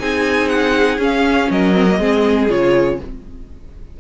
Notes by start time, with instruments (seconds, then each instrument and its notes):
0.00 cello C4, viola D#4, violin G#4 G#5
0.49 violin F#5
0.98 cello C#4, viola C#4, violin F5
1.50 cello F#3, violin A#4 D#5
1.75 viola C4
1.91 viola A#3
1.99 cello G#3, viola C4, violin G#4
2.49 cello C#3, viola F4, violin C#5